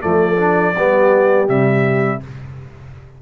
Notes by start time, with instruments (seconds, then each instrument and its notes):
0.00 tuba F3, trombone A3, horn A4, trumpet D5
0.37 trombone D4
0.75 tuba G3, trombone B3, horn G4
1.47 tuba C3, trombone G3, trumpet E5